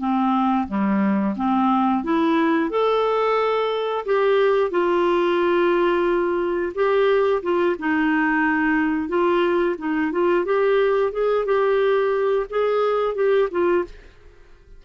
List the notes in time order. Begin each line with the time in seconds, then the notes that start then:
0.00 C4
0.68 G3
1.36 C4
2.04 E4
2.70 A4
4.05 G4
4.70 F4
6.75 G4
7.42 F4
7.79 D#4
9.09 F4
9.78 D#4
10.12 F4
10.45 G4
11.12 G#4
11.45 G4
12.50 G#4
13.15 G4
13.51 F4